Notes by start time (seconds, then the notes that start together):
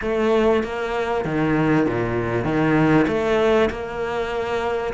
0.01 A3
0.63 A#3
1.24 D#3
1.86 A#2
2.44 D#3
3.07 A3
3.69 A#3